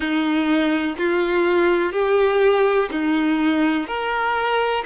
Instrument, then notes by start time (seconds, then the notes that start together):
violin
0.00 D#4
0.97 F4
1.92 G4
2.91 D#4
3.87 A#4